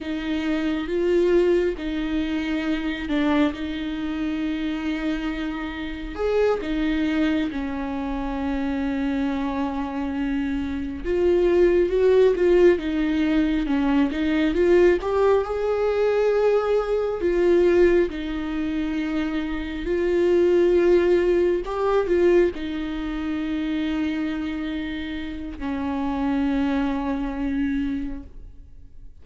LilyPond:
\new Staff \with { instrumentName = "viola" } { \time 4/4 \tempo 4 = 68 dis'4 f'4 dis'4. d'8 | dis'2. gis'8 dis'8~ | dis'8 cis'2.~ cis'8~ | cis'8 f'4 fis'8 f'8 dis'4 cis'8 |
dis'8 f'8 g'8 gis'2 f'8~ | f'8 dis'2 f'4.~ | f'8 g'8 f'8 dis'2~ dis'8~ | dis'4 cis'2. | }